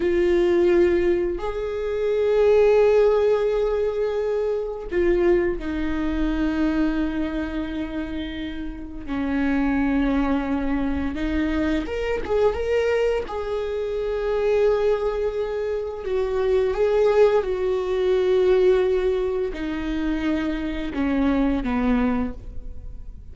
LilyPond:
\new Staff \with { instrumentName = "viola" } { \time 4/4 \tempo 4 = 86 f'2 gis'2~ | gis'2. f'4 | dis'1~ | dis'4 cis'2. |
dis'4 ais'8 gis'8 ais'4 gis'4~ | gis'2. fis'4 | gis'4 fis'2. | dis'2 cis'4 b4 | }